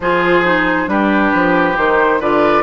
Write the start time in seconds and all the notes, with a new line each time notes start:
0.00 F3 F4 G#4 C5
0.44 D#4
0.86 G3 D4 G4 B4
1.33 F3
1.76 D#3 D#4 C5
2.20 D3 F4 B4 D5